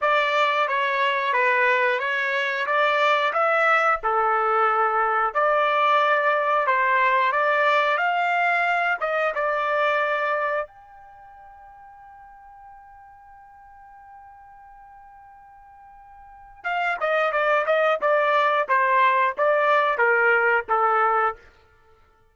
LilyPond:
\new Staff \with { instrumentName = "trumpet" } { \time 4/4 \tempo 4 = 90 d''4 cis''4 b'4 cis''4 | d''4 e''4 a'2 | d''2 c''4 d''4 | f''4. dis''8 d''2 |
g''1~ | g''1~ | g''4 f''8 dis''8 d''8 dis''8 d''4 | c''4 d''4 ais'4 a'4 | }